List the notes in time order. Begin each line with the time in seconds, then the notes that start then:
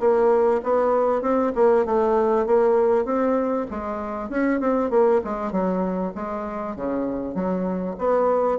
0.00 A#3
0.64 B3
1.22 C4
1.55 A#3
1.86 A3
2.46 A#3
3.05 C4
3.71 G#3
4.30 C#4
4.61 C4
4.91 A#3
5.25 G#3
5.52 F#3
6.15 G#3
6.76 C#3
7.35 F#3
7.98 B3